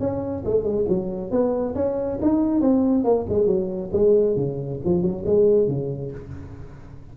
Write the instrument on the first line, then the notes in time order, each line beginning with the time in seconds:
tuba
0.00 C#4
0.45 A3
0.64 G#3
0.89 F#3
1.31 B3
1.75 C#4
2.22 D#4
2.61 C4
3.04 A#3
3.29 G#3
3.47 F#3
3.93 G#3
4.36 C#3
4.85 F3
5.02 F#3
5.26 G#3
5.68 C#3